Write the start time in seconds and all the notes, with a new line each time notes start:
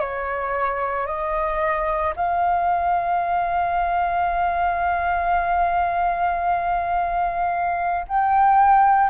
0.00 C#5
1.07 D#5
2.16 F5
8.08 G5